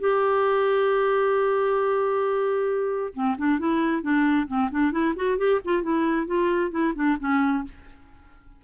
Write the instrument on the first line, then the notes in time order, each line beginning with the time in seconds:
clarinet
0.00 G4
3.14 C4
3.38 D4
3.59 E4
4.02 D4
4.48 C4
4.71 D4
4.92 E4
5.16 F#4
5.38 G4
5.65 F4
5.83 E4
6.27 F4
6.71 E4
6.95 D4
7.20 C#4